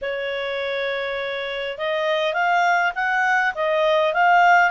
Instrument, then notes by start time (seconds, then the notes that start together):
clarinet
0.01 C#5
1.78 D#5
2.33 F5
2.95 F#5
3.55 D#5
4.13 F5